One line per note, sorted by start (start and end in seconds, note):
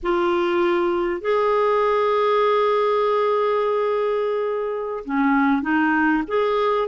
0.03 1.21 F4
1.21 5.03 G#4
5.05 5.62 C#4
5.62 6.23 D#4
6.27 6.88 G#4